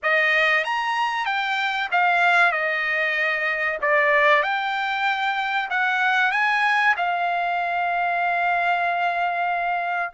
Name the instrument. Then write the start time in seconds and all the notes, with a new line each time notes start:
trumpet
0.02 D#5
0.64 A#5
1.25 G5
1.91 F5
2.51 D#5
3.81 D5
4.42 G5
5.70 F#5
6.31 G#5
6.96 F5